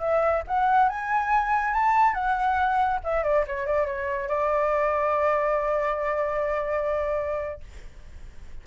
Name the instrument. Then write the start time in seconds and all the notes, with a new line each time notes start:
flute
0.00 E5
0.48 F#5
0.89 G#5
1.74 A5
2.14 F#5
3.04 E5
3.24 D5
3.47 C#5
3.66 D5
3.86 C#5
4.29 D5